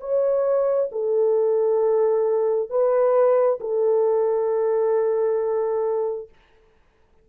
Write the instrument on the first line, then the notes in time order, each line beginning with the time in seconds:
horn
0.00 C#5
0.92 A4
2.69 B4
3.60 A4